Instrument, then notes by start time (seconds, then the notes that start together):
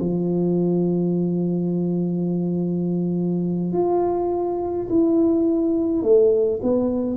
tuba
0.00 F3
3.73 F4
4.89 E4
6.03 A3
6.63 B3